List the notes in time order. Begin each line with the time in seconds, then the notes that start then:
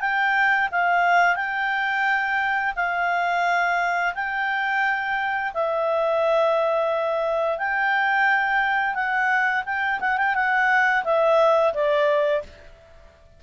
0.00 G5
0.71 F5
1.36 G5
2.76 F5
4.15 G5
5.54 E5
7.58 G5
8.95 F#5
9.65 G5
10.00 F#5
10.18 G5
10.35 F#5
11.04 E5
11.74 D5